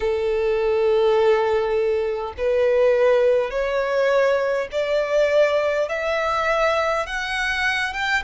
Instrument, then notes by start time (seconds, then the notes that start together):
violin
0.00 A4
2.37 B4
3.50 C#5
4.71 D5
5.88 E5
7.06 F#5
7.93 G5